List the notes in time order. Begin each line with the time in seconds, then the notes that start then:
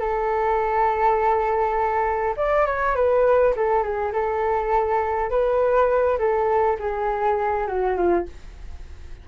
0.00 A4
2.37 D5
2.67 C#5
2.95 B4
3.56 A4
3.83 G#4
4.13 A4
5.30 B4
6.19 A4
6.80 G#4
7.67 F#4
7.97 F4